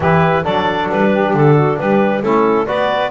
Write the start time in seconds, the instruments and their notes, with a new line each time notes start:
0.00 double bass E3, trombone E4, saxophone G4, clarinet B4
0.42 double bass F#3, trombone D4, saxophone A4, clarinet D5
0.89 double bass G3, clarinet B4
1.11 saxophone G4
1.33 double bass D3, clarinet A4
1.55 saxophone F#4
1.78 double bass G3, saxophone G4, clarinet B4
2.21 double bass A3, trombone C#4, saxophone E4, clarinet A4
2.66 double bass B3, trombone F#4, saxophone B4, clarinet D5